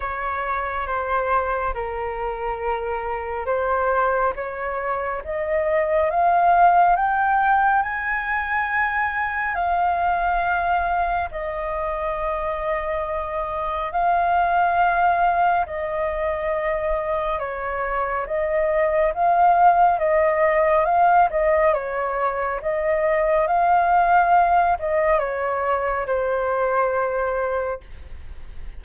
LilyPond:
\new Staff \with { instrumentName = "flute" } { \time 4/4 \tempo 4 = 69 cis''4 c''4 ais'2 | c''4 cis''4 dis''4 f''4 | g''4 gis''2 f''4~ | f''4 dis''2. |
f''2 dis''2 | cis''4 dis''4 f''4 dis''4 | f''8 dis''8 cis''4 dis''4 f''4~ | f''8 dis''8 cis''4 c''2 | }